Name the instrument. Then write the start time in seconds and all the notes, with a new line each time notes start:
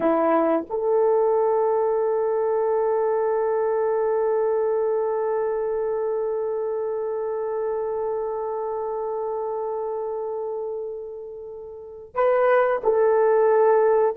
horn
0.00 E4
0.69 A4
12.14 B4
12.83 A4